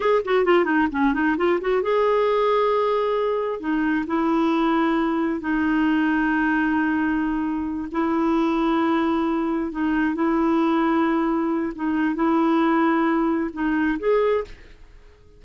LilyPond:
\new Staff \with { instrumentName = "clarinet" } { \time 4/4 \tempo 4 = 133 gis'8 fis'8 f'8 dis'8 cis'8 dis'8 f'8 fis'8 | gis'1 | dis'4 e'2. | dis'1~ |
dis'4. e'2~ e'8~ | e'4. dis'4 e'4.~ | e'2 dis'4 e'4~ | e'2 dis'4 gis'4 | }